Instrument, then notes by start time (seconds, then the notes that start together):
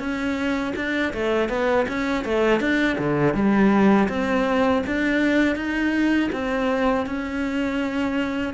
cello
0.00 C#4
0.76 D4
1.14 A3
1.49 B3
1.89 C#4
2.25 A3
2.61 D4
2.99 D3
3.35 G3
4.09 C4
4.87 D4
5.56 D#4
6.33 C4
7.06 C#4